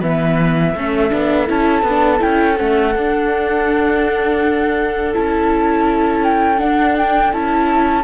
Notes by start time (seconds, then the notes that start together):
0.00 E3 B3 B4 E5
0.75 A3 C#4 A4
1.10 B3 D4
1.46 C#4 E4 A5
1.82 B3
1.89 D4
2.19 C#4 E4 G5
2.56 A3 C#4 F#5
2.95 D4
5.13 C#4 E4 A5
6.24 G5
6.57 D4 F#5
6.97 G5
7.32 C#4 E4 A5